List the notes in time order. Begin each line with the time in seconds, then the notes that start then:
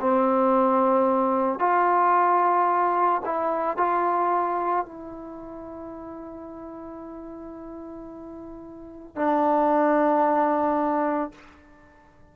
0.00 C4
1.59 F4
3.25 E4
3.77 F4
4.85 E4
9.15 D4